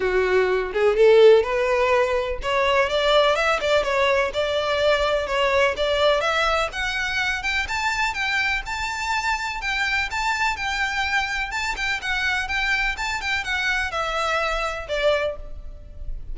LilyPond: \new Staff \with { instrumentName = "violin" } { \time 4/4 \tempo 4 = 125 fis'4. gis'8 a'4 b'4~ | b'4 cis''4 d''4 e''8 d''8 | cis''4 d''2 cis''4 | d''4 e''4 fis''4. g''8 |
a''4 g''4 a''2 | g''4 a''4 g''2 | a''8 g''8 fis''4 g''4 a''8 g''8 | fis''4 e''2 d''4 | }